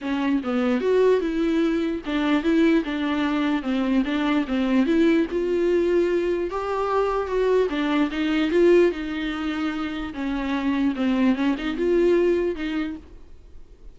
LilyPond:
\new Staff \with { instrumentName = "viola" } { \time 4/4 \tempo 4 = 148 cis'4 b4 fis'4 e'4~ | e'4 d'4 e'4 d'4~ | d'4 c'4 d'4 c'4 | e'4 f'2. |
g'2 fis'4 d'4 | dis'4 f'4 dis'2~ | dis'4 cis'2 c'4 | cis'8 dis'8 f'2 dis'4 | }